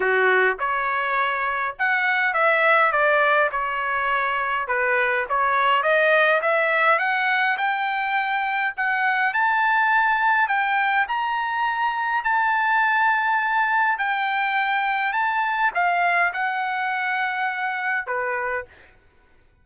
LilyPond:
\new Staff \with { instrumentName = "trumpet" } { \time 4/4 \tempo 4 = 103 fis'4 cis''2 fis''4 | e''4 d''4 cis''2 | b'4 cis''4 dis''4 e''4 | fis''4 g''2 fis''4 |
a''2 g''4 ais''4~ | ais''4 a''2. | g''2 a''4 f''4 | fis''2. b'4 | }